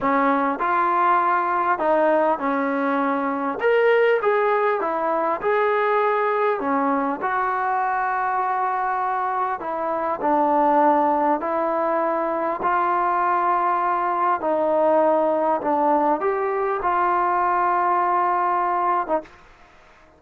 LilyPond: \new Staff \with { instrumentName = "trombone" } { \time 4/4 \tempo 4 = 100 cis'4 f'2 dis'4 | cis'2 ais'4 gis'4 | e'4 gis'2 cis'4 | fis'1 |
e'4 d'2 e'4~ | e'4 f'2. | dis'2 d'4 g'4 | f'2.~ f'8. dis'16 | }